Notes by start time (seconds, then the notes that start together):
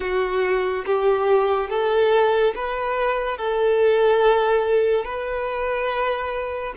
0.00 F#4
0.85 G4
1.69 A4
2.55 B4
3.37 A4
5.05 B4